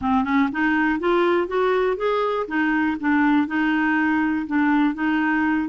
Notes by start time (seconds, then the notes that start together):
0.01 C4
0.24 C#4
0.52 D#4
0.99 F4
1.47 F#4
1.97 G#4
2.47 D#4
3.00 D4
3.47 D#4
4.46 D4
4.94 D#4